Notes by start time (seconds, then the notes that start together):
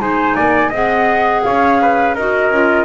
0.00 G#3 D#4 C5 G#5
0.36 A#3 D5
0.69 C4 G#4 D#5 F#5
1.44 C#4 C#5 F5
1.82 B4
2.15 D#4 F#4 A#4 D#5
2.50 C#4 F4